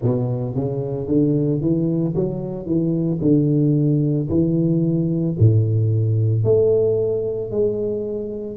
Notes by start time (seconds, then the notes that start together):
0.01 B2
0.55 C#3
1.07 D3
1.61 E3
2.15 F#3
2.65 E3
3.21 D3
4.29 E3
5.39 A2
6.43 A3
7.50 G#3